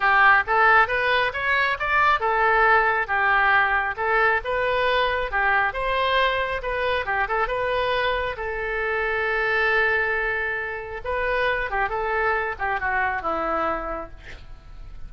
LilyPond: \new Staff \with { instrumentName = "oboe" } { \time 4/4 \tempo 4 = 136 g'4 a'4 b'4 cis''4 | d''4 a'2 g'4~ | g'4 a'4 b'2 | g'4 c''2 b'4 |
g'8 a'8 b'2 a'4~ | a'1~ | a'4 b'4. g'8 a'4~ | a'8 g'8 fis'4 e'2 | }